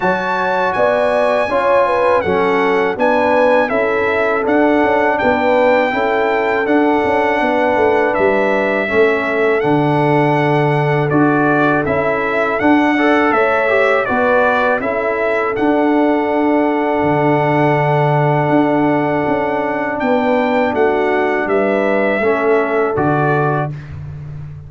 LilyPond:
<<
  \new Staff \with { instrumentName = "trumpet" } { \time 4/4 \tempo 4 = 81 a''4 gis''2 fis''4 | gis''4 e''4 fis''4 g''4~ | g''4 fis''2 e''4~ | e''4 fis''2 d''4 |
e''4 fis''4 e''4 d''4 | e''4 fis''2.~ | fis''2. g''4 | fis''4 e''2 d''4 | }
  \new Staff \with { instrumentName = "horn" } { \time 4/4 cis''4 d''4 cis''8 b'8 a'4 | b'4 a'2 b'4 | a'2 b'2 | a'1~ |
a'4. d''8 cis''4 b'4 | a'1~ | a'2. b'4 | fis'4 b'4 a'2 | }
  \new Staff \with { instrumentName = "trombone" } { \time 4/4 fis'2 f'4 cis'4 | d'4 e'4 d'2 | e'4 d'2. | cis'4 d'2 fis'4 |
e'4 d'8 a'4 g'8 fis'4 | e'4 d'2.~ | d'1~ | d'2 cis'4 fis'4 | }
  \new Staff \with { instrumentName = "tuba" } { \time 4/4 fis4 b4 cis'4 fis4 | b4 cis'4 d'8 cis'8 b4 | cis'4 d'8 cis'8 b8 a8 g4 | a4 d2 d'4 |
cis'4 d'4 a4 b4 | cis'4 d'2 d4~ | d4 d'4 cis'4 b4 | a4 g4 a4 d4 | }
>>